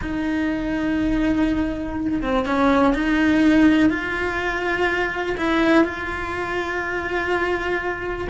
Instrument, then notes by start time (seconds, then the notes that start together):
cello
0.01 D#4
2.21 C4
2.45 C#4
2.94 D#4
3.89 F4
5.37 E4
5.84 F4